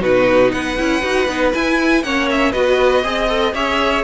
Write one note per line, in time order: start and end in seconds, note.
0.00 0.52 B2
0.00 0.76 D#4
0.00 0.51 F#4
0.00 0.52 B4
0.52 0.78 B3
0.52 2.05 B4
0.52 1.53 F#5
0.78 1.02 C#4
0.78 1.02 E4
1.02 1.28 D#4
1.02 1.27 F#4
1.28 1.53 B3
1.28 1.53 D#4
1.53 2.04 E4
1.53 2.03 E4
1.53 2.03 G#5
2.03 2.54 A#3
2.03 2.53 C#4
2.03 2.52 C#5
2.03 2.29 F#5
2.30 2.52 E5
2.52 3.04 B3
2.52 3.04 F#4
2.52 3.02 B4
2.52 3.53 D#5
3.04 3.54 C4
3.04 3.28 G#4
3.04 3.55 D#5
3.28 3.54 A4
3.54 4.04 C#4
3.54 4.04 G#4
3.54 4.04 C#5
3.54 4.04 E5